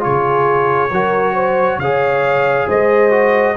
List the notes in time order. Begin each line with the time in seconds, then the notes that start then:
0.00 C#3 F4 G#4 C#5
0.91 F#3 F#4 A#4
1.34 C5
1.78 C#3 G#4 C#5 F5
2.67 G#3 C5 D#5
3.11 F#4